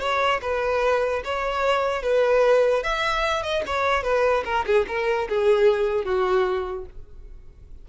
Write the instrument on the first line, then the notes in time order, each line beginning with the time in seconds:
violin
0.00 C#5
0.42 B4
1.24 C#5
2.02 B4
2.83 E5
3.43 D#5
3.66 C#5
4.03 B4
4.45 A#4
4.66 G#4
4.88 A#4
5.29 G#4
6.05 F#4